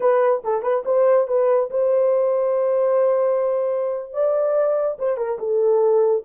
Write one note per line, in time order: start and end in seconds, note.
0.00 0.42 B4
0.44 0.62 A4
0.62 0.83 B4
0.85 1.27 C5
1.27 1.69 B4
1.70 4.13 C5
4.13 4.97 D5
4.98 5.17 C5
5.17 5.38 A#4
5.38 6.23 A4